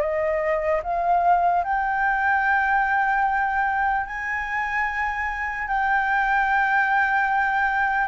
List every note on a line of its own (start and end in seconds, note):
0.00 0.81 D#5
0.83 1.63 F5
1.63 4.06 G5
4.06 5.67 G#5
5.67 8.07 G5